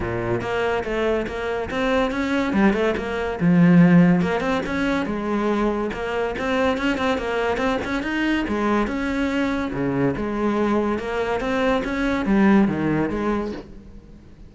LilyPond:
\new Staff \with { instrumentName = "cello" } { \time 4/4 \tempo 4 = 142 ais,4 ais4 a4 ais4 | c'4 cis'4 g8 a8 ais4 | f2 ais8 c'8 cis'4 | gis2 ais4 c'4 |
cis'8 c'8 ais4 c'8 cis'8 dis'4 | gis4 cis'2 cis4 | gis2 ais4 c'4 | cis'4 g4 dis4 gis4 | }